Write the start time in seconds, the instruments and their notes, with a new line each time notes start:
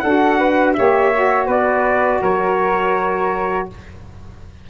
0.00 tuba D4, saxophone F#4, flute A4, trumpet F#5
0.39 flute B4
0.74 tuba A#3, saxophone G4, flute C#5, trumpet E5
1.14 saxophone F#4
1.47 tuba B3, flute B4, trumpet D5
2.21 tuba F#3, flute A#4, trumpet C#5